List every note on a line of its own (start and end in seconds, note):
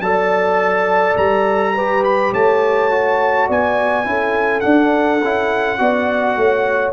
0.00 1.15 F#3
0.00 1.77 A4
0.00 1.75 D5
0.00 1.17 A5
1.18 2.33 G3
1.18 2.04 A#5
1.75 2.91 G4
1.75 2.33 B4
2.05 2.33 B5
2.33 3.49 A3
2.33 3.48 C#5
2.33 3.50 A5
2.91 4.05 F#4
3.48 4.06 B3
3.48 4.06 D5
3.48 4.61 G#5
4.05 4.64 C#4
4.05 4.63 E4
4.05 5.81 A4
4.61 5.20 D4
4.61 5.23 D4
4.61 6.92 F#5
5.23 5.80 C#4
5.23 5.79 E4
5.79 6.37 B3
5.79 6.93 F#4
5.79 6.38 D5
6.37 6.93 A3
6.37 6.93 C#5